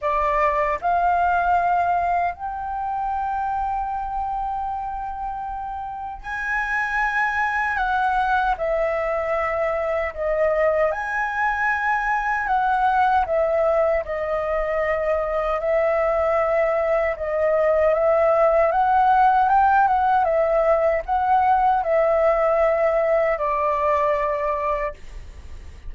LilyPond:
\new Staff \with { instrumentName = "flute" } { \time 4/4 \tempo 4 = 77 d''4 f''2 g''4~ | g''1 | gis''2 fis''4 e''4~ | e''4 dis''4 gis''2 |
fis''4 e''4 dis''2 | e''2 dis''4 e''4 | fis''4 g''8 fis''8 e''4 fis''4 | e''2 d''2 | }